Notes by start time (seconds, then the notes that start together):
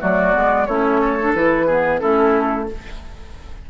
0.00 F#3 A3 F#4 D5
0.33 G#3 B3
0.66 A3 C#4 E4 C#5
1.01 A4
1.20 D4
1.34 E3 E4 B4
1.67 B3 G#4
1.99 A3 C#4 E4 A4